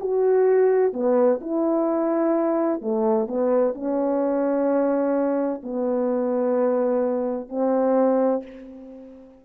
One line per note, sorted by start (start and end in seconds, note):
0.00 0.93 F#4
0.93 1.40 B3
1.41 2.81 E4
2.81 3.27 A3
3.27 3.74 B3
3.74 5.62 C#4
5.63 7.49 B3
7.49 8.42 C4